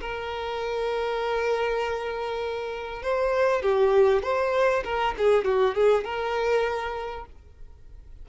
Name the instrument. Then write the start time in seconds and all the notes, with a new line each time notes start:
violin
0.00 A#4
3.02 C5
3.62 G4
4.22 C5
4.84 A#4
5.18 G#4
5.44 F#4
5.74 G#4
6.04 A#4